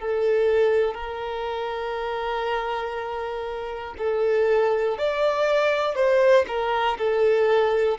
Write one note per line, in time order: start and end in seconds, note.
0.00 0.95 A4
0.95 3.95 A#4
3.98 4.98 A4
4.99 5.95 D5
5.95 6.45 C5
6.48 6.98 A#4
6.99 7.99 A4